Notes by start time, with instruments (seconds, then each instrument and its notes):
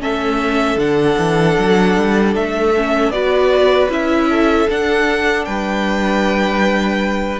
0.00 cello A3, viola C#4, violin A4 E5
0.76 cello D3, viola D4, violin F#5
1.18 cello E3
1.58 cello F#3
1.97 cello G3
2.36 cello A3, violin E5
2.77 viola C#4
3.10 cello B3, viola F#4, violin B4 D5
3.90 cello C#4, viola E4, violin E5
4.30 violin A4
4.69 viola D4, cello D4, violin F#5
5.45 cello G3, violin B4 G5